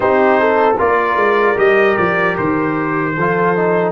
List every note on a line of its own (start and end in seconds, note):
0.00 0.78 C4
0.00 0.74 D#4
0.00 0.39 G4
0.00 0.76 C5
0.40 0.78 A4
0.78 1.16 A#3
0.78 1.56 F4
0.78 3.14 A#4
0.78 1.58 D5
1.16 1.55 G#3
1.56 1.97 G3
1.56 3.14 G4
1.56 1.96 D#5
1.96 2.38 F3
1.96 2.36 D5
2.37 3.17 D#3
2.37 3.92 C5
3.15 3.92 F3
3.15 3.55 F4
3.15 3.92 A4
3.55 3.92 D#4